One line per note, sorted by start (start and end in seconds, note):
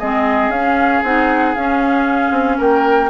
0.00 0.49 G#3
0.00 0.54 C4
0.00 2.58 G#4
0.00 0.52 D#5
0.49 1.01 C#4
0.49 1.05 C#4
0.49 1.03 F5
1.04 1.56 C4
1.04 1.56 D#4
1.04 1.55 F#5
1.55 3.10 C#4
1.55 2.31 C#4
1.55 2.59 F5
2.31 2.57 C4
2.58 3.10 A#3
2.58 3.10 A#4
2.58 3.10 G5